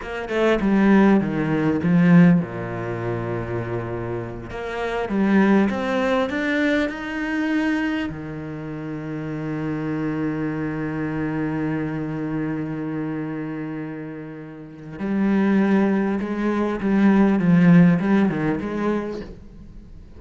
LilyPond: \new Staff \with { instrumentName = "cello" } { \time 4/4 \tempo 4 = 100 ais8 a8 g4 dis4 f4 | ais,2.~ ais,8 ais8~ | ais8 g4 c'4 d'4 dis'8~ | dis'4. dis2~ dis8~ |
dis1~ | dis1~ | dis4 g2 gis4 | g4 f4 g8 dis8 gis4 | }